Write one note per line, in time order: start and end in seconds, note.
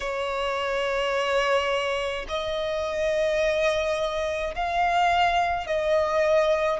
0.00 2.26 C#5
2.28 4.54 D#5
4.55 5.66 F5
5.66 6.79 D#5